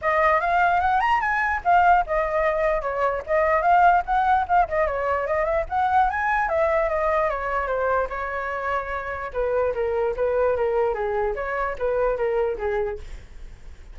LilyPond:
\new Staff \with { instrumentName = "flute" } { \time 4/4 \tempo 4 = 148 dis''4 f''4 fis''8 ais''8 gis''4 | f''4 dis''2 cis''4 | dis''4 f''4 fis''4 f''8 dis''8 | cis''4 dis''8 e''8 fis''4 gis''4 |
e''4 dis''4 cis''4 c''4 | cis''2. b'4 | ais'4 b'4 ais'4 gis'4 | cis''4 b'4 ais'4 gis'4 | }